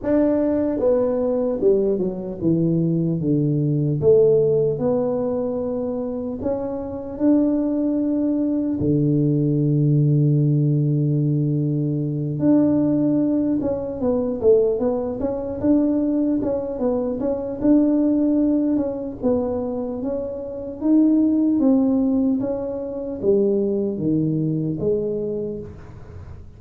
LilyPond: \new Staff \with { instrumentName = "tuba" } { \time 4/4 \tempo 4 = 75 d'4 b4 g8 fis8 e4 | d4 a4 b2 | cis'4 d'2 d4~ | d2.~ d8 d'8~ |
d'4 cis'8 b8 a8 b8 cis'8 d'8~ | d'8 cis'8 b8 cis'8 d'4. cis'8 | b4 cis'4 dis'4 c'4 | cis'4 g4 dis4 gis4 | }